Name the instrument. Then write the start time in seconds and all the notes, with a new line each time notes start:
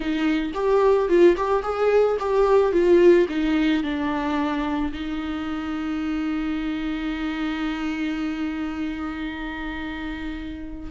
viola
0.00 D#4
0.54 G4
1.09 F4
1.37 G4
1.62 G#4
2.19 G4
2.72 F4
3.29 D#4
3.83 D4
4.92 D#4